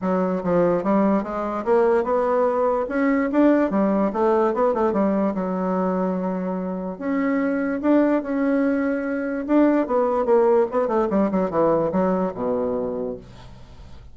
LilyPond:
\new Staff \with { instrumentName = "bassoon" } { \time 4/4 \tempo 4 = 146 fis4 f4 g4 gis4 | ais4 b2 cis'4 | d'4 g4 a4 b8 a8 | g4 fis2.~ |
fis4 cis'2 d'4 | cis'2. d'4 | b4 ais4 b8 a8 g8 fis8 | e4 fis4 b,2 | }